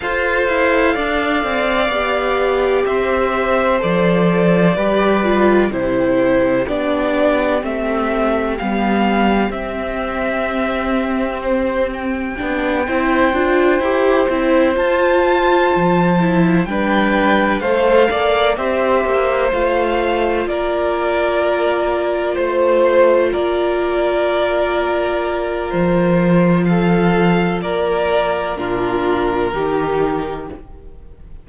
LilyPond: <<
  \new Staff \with { instrumentName = "violin" } { \time 4/4 \tempo 4 = 63 f''2. e''4 | d''2 c''4 d''4 | e''4 f''4 e''2 | c''8 g''2. a''8~ |
a''4. g''4 f''4 e''8~ | e''8 f''4 d''2 c''8~ | c''8 d''2~ d''8 c''4 | f''4 d''4 ais'2 | }
  \new Staff \with { instrumentName = "violin" } { \time 4/4 c''4 d''2 c''4~ | c''4 b'4 g'2~ | g'1~ | g'4. c''2~ c''8~ |
c''4. b'4 c''8 d''8 c''8~ | c''4. ais'2 c''8~ | c''8 ais'2.~ ais'8 | a'4 ais'4 f'4 g'4 | }
  \new Staff \with { instrumentName = "viola" } { \time 4/4 a'2 g'2 | a'4 g'8 f'8 e'4 d'4 | c'4 b4 c'2~ | c'4 d'8 e'8 f'8 g'8 e'8 f'8~ |
f'4 e'8 d'4 a'4 g'8~ | g'8 f'2.~ f'8~ | f'1~ | f'2 d'4 dis'4 | }
  \new Staff \with { instrumentName = "cello" } { \time 4/4 f'8 e'8 d'8 c'8 b4 c'4 | f4 g4 c4 b4 | a4 g4 c'2~ | c'4 b8 c'8 d'8 e'8 c'8 f'8~ |
f'8 f4 g4 a8 ais8 c'8 | ais8 a4 ais2 a8~ | a8 ais2~ ais8 f4~ | f4 ais4 ais,4 dis4 | }
>>